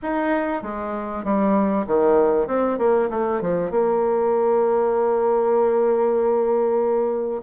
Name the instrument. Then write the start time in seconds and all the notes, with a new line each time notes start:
bassoon
0.02 D#4
0.62 G#3
1.24 G3
1.86 D#3
2.47 C4
2.78 A#3
3.10 A3
3.41 F3
3.71 A#3